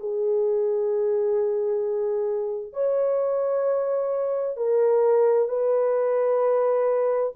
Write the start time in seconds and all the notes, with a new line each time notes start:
0.00 G#4
2.73 C#5
4.57 A#4
5.48 B4